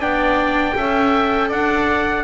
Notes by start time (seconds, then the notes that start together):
0.00 B3 D4 D5 G5
0.76 C#4 A4 E5
1.49 D4 D5 F#5